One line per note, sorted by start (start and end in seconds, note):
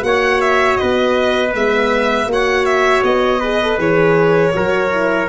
0.00 0.78 A#3
0.00 1.50 F#4
0.00 0.41 F#5
0.07 0.80 C#5
0.41 0.77 E5
0.77 1.54 B3
0.77 2.30 B4
0.77 1.52 D#5
1.54 2.27 G#3
1.54 2.29 B3
1.54 2.31 E5
2.27 3.02 A#3
2.27 3.41 F#4
2.27 3.40 C#5
2.33 2.65 F#5
2.65 3.03 E5
3.03 3.78 B3
3.03 3.79 D#5
3.40 3.62 G#4
3.40 4.53 B4
3.62 3.78 A4
3.78 4.53 E3
3.78 4.53 G#4
3.78 5.29 C#5
4.53 5.29 F#3
4.53 4.90 F#4
4.53 5.29 A#4
4.91 5.28 E4